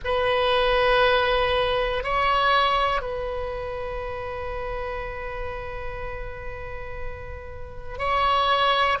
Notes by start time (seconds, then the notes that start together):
0.04 B4
2.03 C#5
3.01 B4
7.98 C#5